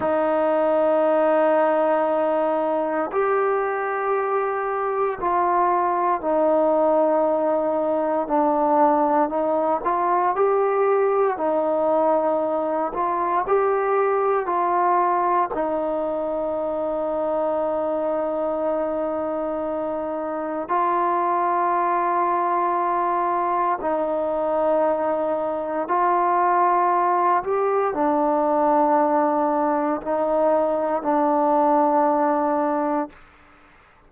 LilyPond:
\new Staff \with { instrumentName = "trombone" } { \time 4/4 \tempo 4 = 58 dis'2. g'4~ | g'4 f'4 dis'2 | d'4 dis'8 f'8 g'4 dis'4~ | dis'8 f'8 g'4 f'4 dis'4~ |
dis'1 | f'2. dis'4~ | dis'4 f'4. g'8 d'4~ | d'4 dis'4 d'2 | }